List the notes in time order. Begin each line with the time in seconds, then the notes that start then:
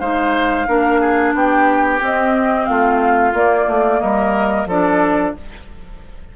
0.00 G#3 D#4 C5 F5
0.67 A#3 D4 A#4
1.00 G#4
1.34 B3 G4 G5
2.00 C4 D#5
2.66 A3 F4 F5
3.33 A#3 D5
3.67 A3
4.01 G3 A#4 D#5
4.66 F3 D4 A4 D5